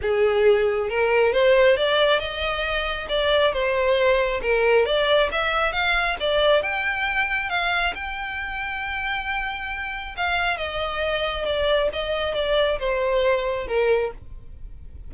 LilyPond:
\new Staff \with { instrumentName = "violin" } { \time 4/4 \tempo 4 = 136 gis'2 ais'4 c''4 | d''4 dis''2 d''4 | c''2 ais'4 d''4 | e''4 f''4 d''4 g''4~ |
g''4 f''4 g''2~ | g''2. f''4 | dis''2 d''4 dis''4 | d''4 c''2 ais'4 | }